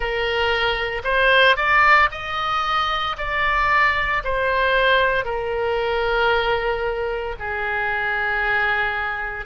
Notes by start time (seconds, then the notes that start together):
0.00 A#4
1.03 C5
1.56 D5
2.11 D#5
3.17 D5
4.23 C5
5.24 A#4
7.39 G#4